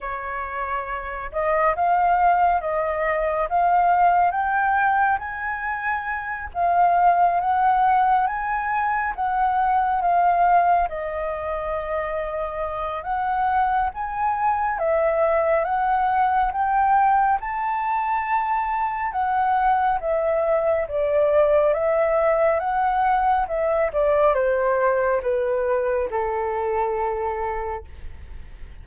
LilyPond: \new Staff \with { instrumentName = "flute" } { \time 4/4 \tempo 4 = 69 cis''4. dis''8 f''4 dis''4 | f''4 g''4 gis''4. f''8~ | f''8 fis''4 gis''4 fis''4 f''8~ | f''8 dis''2~ dis''8 fis''4 |
gis''4 e''4 fis''4 g''4 | a''2 fis''4 e''4 | d''4 e''4 fis''4 e''8 d''8 | c''4 b'4 a'2 | }